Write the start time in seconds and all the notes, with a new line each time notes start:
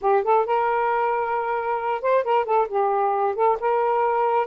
0.01 G4
0.23 A4
0.46 A#4
2.01 C5
2.24 A#4
2.45 A4
2.68 G4
3.35 A4
3.60 A#4